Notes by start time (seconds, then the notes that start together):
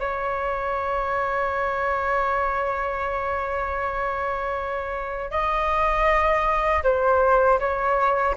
0.00 C#5
5.31 D#5
6.84 C5
7.60 C#5